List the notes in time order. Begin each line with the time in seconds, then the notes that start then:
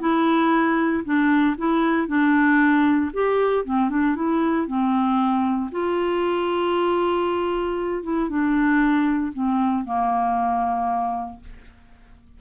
0.00 E4
1.04 D4
1.57 E4
2.07 D4
3.13 G4
3.64 C4
3.90 D4
4.15 E4
4.67 C4
5.71 F4
8.03 E4
8.29 D4
9.33 C4
9.85 A#3